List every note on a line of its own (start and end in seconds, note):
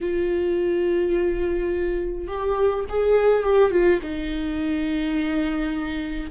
0.01 2.27 F4
2.27 2.84 G4
2.89 3.43 G#4
3.43 3.70 G4
3.70 3.99 F4
4.02 6.31 D#4